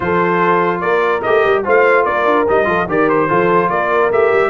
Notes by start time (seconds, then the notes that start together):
0.00 F3 F4 A4 C5
0.80 A#3 A#4 D5
1.22 A3 G4 D#5
1.45 G3
1.64 A3 F4 C5 F5
2.04 A#3 A#4 D5
2.24 D4
2.48 G3 D#4 D#5
2.64 F3 F4 A4
2.87 D#3 G4 A#4 D5
3.09 C5
3.29 F3 F4 A4
3.69 A#3 A#4 D5
4.10 A3 G4 E5
4.33 G3